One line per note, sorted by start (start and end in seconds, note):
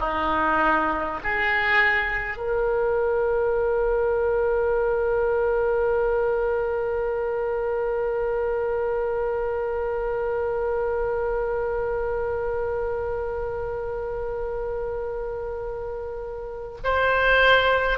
0.00 1.20 D#4
1.23 2.37 G#4
2.37 16.77 A#4
16.84 17.98 C5